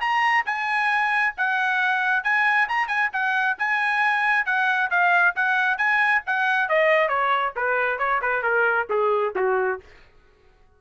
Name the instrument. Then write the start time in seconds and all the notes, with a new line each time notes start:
trumpet
0.00 A#5
0.45 G#5
1.37 F#5
2.23 G#5
2.68 A#5
2.87 G#5
3.12 F#5
3.58 G#5
4.45 F#5
4.90 F5
5.35 F#5
5.77 G#5
6.26 F#5
6.68 D#5
7.08 C#5
7.56 B4
7.98 C#5
8.21 B4
8.42 A#4
8.89 G#4
9.35 F#4